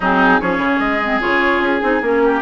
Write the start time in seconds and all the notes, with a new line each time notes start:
0.00 F#3 C4 D#4 G#4
0.40 F3 C#4 G#4 C#5
0.58 C#3
0.79 G#3 D#5
1.03 C4
1.21 C#3 F4 C#5
1.60 C#4 G#4
1.81 C4 D#4
2.01 A#3 C#4 A#4
2.23 G4